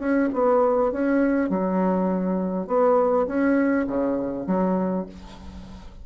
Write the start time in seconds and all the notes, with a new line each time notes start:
0.00 C#4
0.33 B3
0.92 C#4
1.50 F#3
2.68 B3
3.27 C#4
3.87 C#3
4.47 F#3